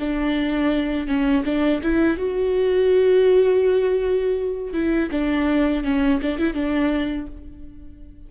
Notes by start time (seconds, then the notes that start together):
0.00 D4
1.08 C#4
1.46 D4
1.83 E4
2.18 F#4
4.74 E4
5.12 D4
5.84 C#4
6.23 D4
6.39 E4
6.54 D4